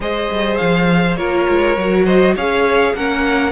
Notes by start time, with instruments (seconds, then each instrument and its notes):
0.00 cello G#3, viola G#4, violin C5 D#5
0.29 cello G3
0.57 cello F3, violin F5
1.16 cello A#3, viola F4, violin A#4 C#5
1.49 cello G#3
1.76 cello F#3, viola F#4
2.05 violin C5 D#5
2.35 cello C#4, viola G#4, violin C#5 F5
2.94 cello A#3, viola C#4, violin A#4 F#5